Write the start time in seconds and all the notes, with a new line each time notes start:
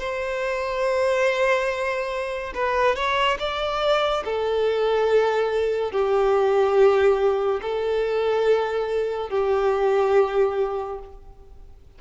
0.00 C5
2.55 B4
2.96 C#5
3.40 D5
4.25 A4
5.92 G4
7.62 A4
9.30 G4